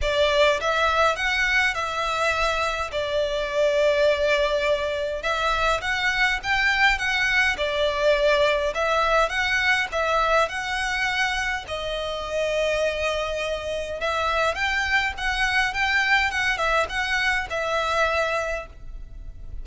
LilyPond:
\new Staff \with { instrumentName = "violin" } { \time 4/4 \tempo 4 = 103 d''4 e''4 fis''4 e''4~ | e''4 d''2.~ | d''4 e''4 fis''4 g''4 | fis''4 d''2 e''4 |
fis''4 e''4 fis''2 | dis''1 | e''4 g''4 fis''4 g''4 | fis''8 e''8 fis''4 e''2 | }